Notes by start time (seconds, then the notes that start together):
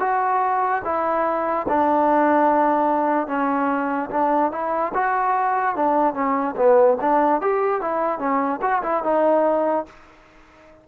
0.00 F#4
0.84 E4
1.69 D4
3.27 C#4
4.11 D4
4.52 E4
4.94 F#4
5.76 D4
6.14 C#4
6.57 B3
7.01 D4
7.41 G4
7.81 E4
8.19 C#4
8.62 F#4
8.83 E4
9.04 D#4